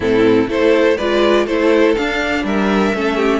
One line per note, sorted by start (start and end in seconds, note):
0.00 0.46 A2
0.00 0.48 C4
0.00 0.48 E4
0.00 0.49 A4
0.47 0.96 A3
0.47 0.96 E4
0.47 0.97 A4
0.47 0.97 C5
0.97 1.46 G#3
0.97 1.48 F4
0.97 1.45 B4
0.97 1.46 D5
1.45 1.95 A3
1.45 1.97 E4
1.45 2.42 A4
1.45 1.95 C5
1.96 2.95 D4
1.96 2.44 D4
1.96 2.45 F5
2.44 2.93 G3
2.44 2.94 A#4
2.44 3.40 E5
2.94 3.40 A3
2.94 3.40 C#4
2.94 3.15 A4
3.15 3.40 G4